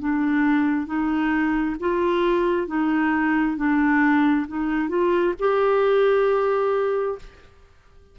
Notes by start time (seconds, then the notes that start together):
0.00 D4
0.87 D#4
1.80 F4
2.67 D#4
3.57 D4
4.48 D#4
4.89 F4
5.40 G4